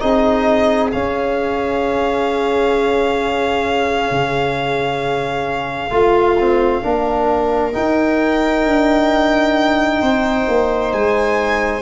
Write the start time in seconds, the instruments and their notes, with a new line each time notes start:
0.00 tuba C4, trombone D#4, viola G#4, violin D#5
0.92 trombone C#4, tuba C#4, violin F5
4.11 tuba C#3
5.91 tuba A3, trombone F4, viola F4
6.39 trombone C4
6.83 tuba A#3, trombone D4, viola A#4
7.73 trombone D#4, tuba D#4, violin G5
8.66 tuba D4
10.02 tuba C4, viola C5
10.48 tuba A#3
10.93 tuba G#3, violin G#5